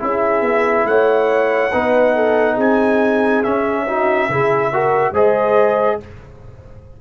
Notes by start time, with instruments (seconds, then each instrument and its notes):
0.00 tuba C#4, trombone E4, horn G#4, trumpet E5
0.42 tuba B3
0.85 tuba A3, horn C#5, trumpet F#5
1.72 tuba B3, trombone D#4, horn B4
2.15 horn A4
2.55 tuba C4, horn G#4, trumpet G#5
3.43 trombone C#4, tuba C#4, trumpet E5
3.87 trombone D#4, horn F#4
4.29 tuba C#3, trombone E4, horn G#4
4.74 trombone F#4, horn A#4
5.12 tuba G#3, trombone G#4, horn C5, trumpet D#5